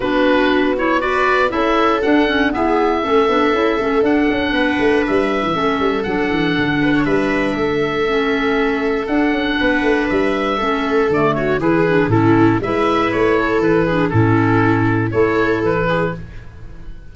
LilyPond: <<
  \new Staff \with { instrumentName = "oboe" } { \time 4/4 \tempo 4 = 119 b'4. cis''8 d''4 e''4 | fis''4 e''2. | fis''2 e''2 | fis''2 e''2~ |
e''2 fis''2 | e''2 d''8 cis''8 b'4 | a'4 e''4 cis''4 b'4 | a'2 cis''4 b'4 | }
  \new Staff \with { instrumentName = "viola" } { \time 4/4 fis'2 b'4 a'4~ | a'4 gis'4 a'2~ | a'4 b'2 a'4~ | a'4. b'16 cis''16 b'4 a'4~ |
a'2. b'4~ | b'4 a'4. fis'8 gis'4 | e'4 b'4. a'4 gis'8 | e'2 a'4. gis'8 | }
  \new Staff \with { instrumentName = "clarinet" } { \time 4/4 d'4. e'8 fis'4 e'4 | d'8 cis'8 b4 cis'8 d'8 e'8 cis'8 | d'2. cis'4 | d'1 |
cis'2 d'2~ | d'4 cis'4 a4 e'8 d'8 | cis'4 e'2~ e'8 d'8 | cis'2 e'2 | }
  \new Staff \with { instrumentName = "tuba" } { \time 4/4 b2. cis'4 | d'4 e'4 a8 b8 cis'8 a8 | d'8 cis'8 b8 a8 g8. e16 a8 g8 | fis8 e8 d4 g4 a4~ |
a2 d'8 cis'8 b8 a8 | g4 a4 d4 e4 | a,4 gis4 a4 e4 | a,2 a4 e4 | }
>>